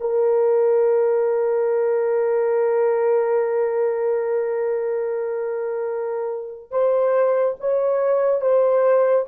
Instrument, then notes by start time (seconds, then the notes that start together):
horn
0.00 A#4
6.71 C5
7.60 C#5
8.41 C5